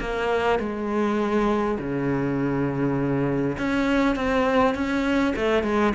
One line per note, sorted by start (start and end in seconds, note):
0.00 0.59 A#3
0.59 1.78 G#3
1.79 3.57 C#3
3.58 4.16 C#4
4.16 4.75 C4
4.75 5.34 C#4
5.36 5.64 A3
5.64 5.93 G#3